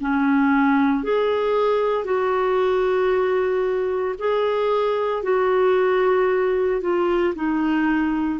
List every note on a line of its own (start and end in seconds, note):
0.00 1.03 C#4
1.03 2.04 G#4
2.04 4.15 F#4
4.18 5.22 G#4
5.22 6.80 F#4
6.81 7.33 F4
7.35 8.39 D#4